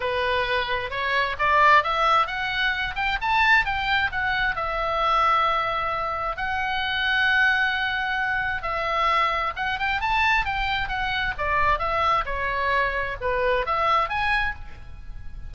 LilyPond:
\new Staff \with { instrumentName = "oboe" } { \time 4/4 \tempo 4 = 132 b'2 cis''4 d''4 | e''4 fis''4. g''8 a''4 | g''4 fis''4 e''2~ | e''2 fis''2~ |
fis''2. e''4~ | e''4 fis''8 g''8 a''4 g''4 | fis''4 d''4 e''4 cis''4~ | cis''4 b'4 e''4 gis''4 | }